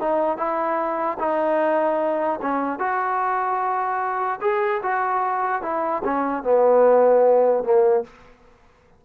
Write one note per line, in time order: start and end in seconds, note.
0.00 0.38 D#4
0.38 1.18 E4
1.19 2.40 D#4
2.42 2.79 C#4
2.79 4.40 F#4
4.41 4.82 G#4
4.83 5.63 F#4
5.63 6.03 E4
6.05 6.44 C#4
6.44 7.64 B3
7.64 8.04 A#3